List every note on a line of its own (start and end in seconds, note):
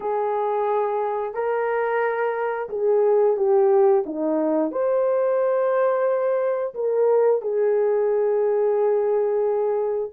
0.00 1.33 G#4
1.33 2.68 A#4
2.69 3.36 G#4
3.36 4.04 G4
4.05 4.71 D#4
4.71 6.74 C5
6.74 7.41 A#4
7.41 10.11 G#4